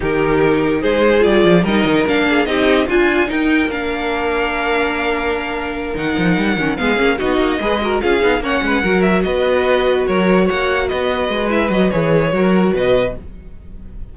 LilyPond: <<
  \new Staff \with { instrumentName = "violin" } { \time 4/4 \tempo 4 = 146 ais'2 c''4 d''4 | dis''4 f''4 dis''4 gis''4 | g''4 f''2.~ | f''2~ f''8 fis''4.~ |
fis''8 f''4 dis''2 f''8~ | f''8 fis''4. e''8 dis''4.~ | dis''8 cis''4 fis''4 dis''4. | e''8 dis''8 cis''2 dis''4 | }
  \new Staff \with { instrumentName = "violin" } { \time 4/4 g'2 gis'2 | ais'4. gis'8 g'4 f'4 | ais'1~ | ais'1~ |
ais'8 gis'4 fis'4 b'8 ais'8 gis'8~ | gis'8 cis''8 b'8 ais'4 b'4.~ | b'8 ais'4 cis''4 b'4.~ | b'2 ais'4 b'4 | }
  \new Staff \with { instrumentName = "viola" } { \time 4/4 dis'2. f'4 | dis'4 d'4 dis'4 f'4 | dis'4 d'2.~ | d'2~ d'8 dis'4. |
cis'8 b8 cis'8 dis'4 gis'8 fis'8 f'8 | dis'8 cis'4 fis'2~ fis'8~ | fis'1 | e'8 fis'8 gis'4 fis'2 | }
  \new Staff \with { instrumentName = "cello" } { \time 4/4 dis2 gis4 g8 f8 | g8 dis8 ais4 c'4 d'4 | dis'4 ais2.~ | ais2~ ais8 dis8 f8 g8 |
dis8 gis8 ais8 b8 ais8 gis4 cis'8 | b8 ais8 gis8 fis4 b4.~ | b8 fis4 ais4 b4 gis8~ | gis8 fis8 e4 fis4 b,4 | }
>>